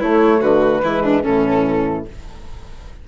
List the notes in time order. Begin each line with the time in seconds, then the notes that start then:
0.00 A3 E4 C#5
0.41 D3 F#4 B4
0.82 E3 G#3 E4
1.03 D4
1.23 A2 E3 C#4 A4